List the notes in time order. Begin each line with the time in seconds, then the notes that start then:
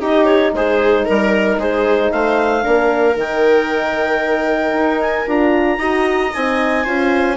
0.00 D#4 G4 D#5
0.25 C#5
0.54 G#3 G#4 C5
1.05 G3 A#4
1.58 G#3 G#4 C5
2.11 A3 C5 F5
2.62 A#3 D4 A#4
3.16 D#3 D#4 G5
4.73 D#4
5.02 G#5
5.27 D4 F4 A#5
5.78 D#4 F#4 D#5
6.34 C4 D#4 G#5
6.84 C#4 F4 C5